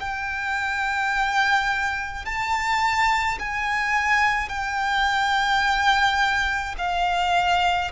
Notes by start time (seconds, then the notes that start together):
0.00 G5
2.25 A5
3.39 G#5
4.49 G5
6.78 F5